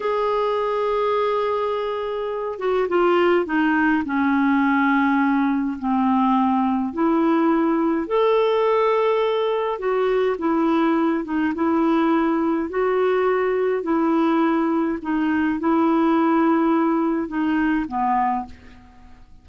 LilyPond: \new Staff \with { instrumentName = "clarinet" } { \time 4/4 \tempo 4 = 104 gis'1~ | gis'8 fis'8 f'4 dis'4 cis'4~ | cis'2 c'2 | e'2 a'2~ |
a'4 fis'4 e'4. dis'8 | e'2 fis'2 | e'2 dis'4 e'4~ | e'2 dis'4 b4 | }